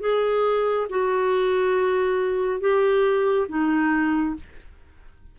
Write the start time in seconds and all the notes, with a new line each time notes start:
0.00 G#4
0.89 F#4
2.60 G4
3.48 D#4